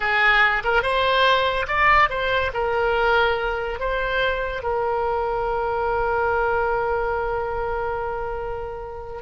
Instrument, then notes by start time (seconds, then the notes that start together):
oboe
0.00 G#4
0.64 A#4
0.82 C5
1.67 D5
2.09 C5
2.53 A#4
3.79 C5
4.62 A#4